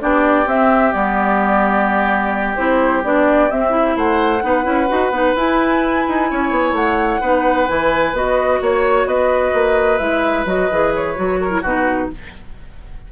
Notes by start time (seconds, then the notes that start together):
0.00 B3 D4 G4 D5
0.47 C4 E5
0.93 G3 B3 D5
2.56 C4 E4 C5
3.04 B3 D4 D5
3.51 C4 E5
3.70 E4
3.97 A3 C5 F#5
4.43 B3 D#4 B4
4.64 C#4 E4
4.89 D#4 F#4
5.11 B3 D#4
5.36 E4 G#5
6.09 D#4
6.31 C#4 C#5
6.51 B3
6.73 A3 F#5
7.21 B3 D#4 B4
7.68 E3 E4 G#5
8.13 B3 F#4 D#5
8.62 A#3 C#5
9.06 B3 B4 D#5
9.54 A#3
9.99 G#3 E4 E5
10.46 F#3 F#4 D#5
10.72 E3 G#4
10.96 C#5
11.16 F#3 F#4
11.41 A#4
11.50 E4
11.62 B2 D#4 F#4 B4